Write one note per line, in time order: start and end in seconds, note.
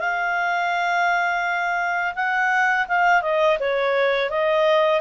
0.00 2.14 F5
2.16 2.87 F#5
2.88 3.22 F5
3.22 3.58 D#5
3.60 4.30 C#5
4.30 5.01 D#5